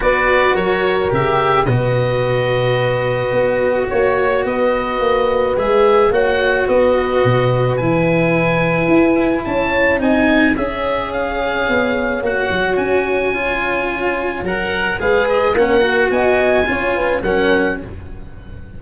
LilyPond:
<<
  \new Staff \with { instrumentName = "oboe" } { \time 4/4 \tempo 4 = 108 d''4 cis''4 e''4 dis''4~ | dis''2. cis''4 | dis''2 e''4 fis''4 | dis''2 gis''2~ |
gis''4 a''4 gis''4 e''4 | f''2 fis''4 gis''4~ | gis''2 fis''4 f''8 dis''8 | fis''4 gis''2 fis''4 | }
  \new Staff \with { instrumentName = "horn" } { \time 4/4 b'4 ais'2 b'4~ | b'2. cis''4 | b'2. cis''4 | b'1~ |
b'4 cis''4 dis''4 cis''4~ | cis''1~ | cis''2. b'4 | ais'4 dis''4 cis''8 b'8 ais'4 | }
  \new Staff \with { instrumentName = "cello" } { \time 4/4 fis'2 g'4 fis'4~ | fis'1~ | fis'2 gis'4 fis'4~ | fis'2 e'2~ |
e'2 dis'4 gis'4~ | gis'2 fis'2 | f'2 ais'4 gis'4 | cis'8 fis'4. f'4 cis'4 | }
  \new Staff \with { instrumentName = "tuba" } { \time 4/4 b4 fis4 cis4 b,4~ | b,2 b4 ais4 | b4 ais4 gis4 ais4 | b4 b,4 e2 |
e'4 cis'4 c'4 cis'4~ | cis'4 b4 ais8 fis8 cis'4~ | cis'2 fis4 gis4 | ais4 b4 cis'4 fis4 | }
>>